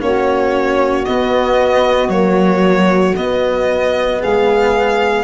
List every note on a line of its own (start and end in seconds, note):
0.00 1.06 A#3
0.00 1.05 C#4
0.00 4.20 F#4
0.00 1.05 C#5
1.05 2.12 B3
1.05 2.08 B3
1.05 2.10 D#5
2.08 3.14 F#3
2.08 3.17 A#3
2.08 3.15 C#5
3.16 5.24 B3
3.16 4.23 B3
3.16 4.22 D#5
4.20 5.24 G#3
4.20 5.24 G#4
4.20 5.24 F5